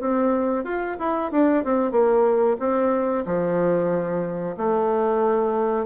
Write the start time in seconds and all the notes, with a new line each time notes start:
0.00 C4
0.64 F4
0.99 E4
1.32 D4
1.64 C4
1.92 A#3
2.59 C4
3.26 F3
4.57 A3